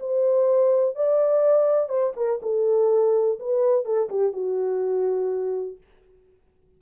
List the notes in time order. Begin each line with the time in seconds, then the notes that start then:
0.00 C5
0.95 D5
1.89 C5
2.16 A#4
2.42 A4
3.39 B4
3.85 A4
4.09 G4
4.32 F#4